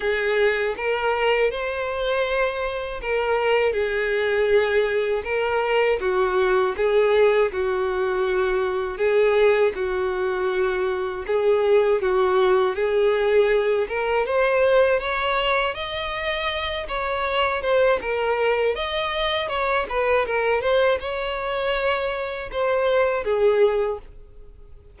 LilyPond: \new Staff \with { instrumentName = "violin" } { \time 4/4 \tempo 4 = 80 gis'4 ais'4 c''2 | ais'4 gis'2 ais'4 | fis'4 gis'4 fis'2 | gis'4 fis'2 gis'4 |
fis'4 gis'4. ais'8 c''4 | cis''4 dis''4. cis''4 c''8 | ais'4 dis''4 cis''8 b'8 ais'8 c''8 | cis''2 c''4 gis'4 | }